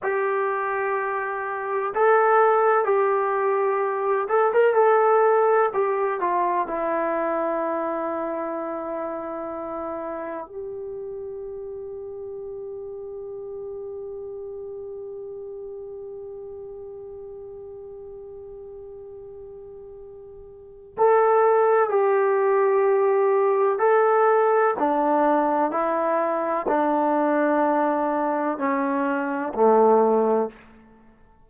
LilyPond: \new Staff \with { instrumentName = "trombone" } { \time 4/4 \tempo 4 = 63 g'2 a'4 g'4~ | g'8 a'16 ais'16 a'4 g'8 f'8 e'4~ | e'2. g'4~ | g'1~ |
g'1~ | g'2 a'4 g'4~ | g'4 a'4 d'4 e'4 | d'2 cis'4 a4 | }